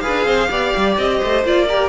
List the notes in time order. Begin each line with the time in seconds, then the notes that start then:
0.00 G#4 B4 F5
0.07 D4
0.25 C4 C5
0.50 B3 G4 D5
0.77 G3
0.98 C4 D#5
1.18 A3 C5
1.44 A#3 F4 D5
1.69 G4 A#4